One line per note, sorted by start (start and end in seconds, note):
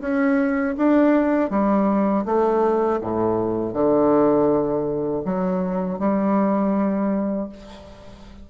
0.00 0.75 C#4
0.77 1.50 D4
1.50 2.25 G3
2.25 3.00 A3
3.00 3.73 A2
3.73 5.23 D3
5.25 5.99 F#3
5.99 7.49 G3